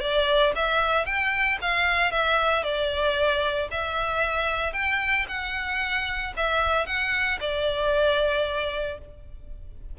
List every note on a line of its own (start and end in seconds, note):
0.00 0.53 D5
0.56 1.06 E5
1.06 1.58 G5
1.61 2.11 F5
2.11 2.63 E5
2.63 3.68 D5
3.71 4.73 E5
4.73 5.26 G5
5.28 6.33 F#5
6.37 6.86 E5
6.86 7.39 F#5
7.40 8.98 D5